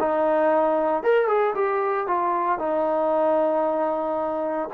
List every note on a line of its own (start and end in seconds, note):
0.00 1.04 D#4
1.04 1.28 A#4
1.28 1.54 G#4
1.55 2.08 G4
2.08 2.59 F4
2.59 4.70 D#4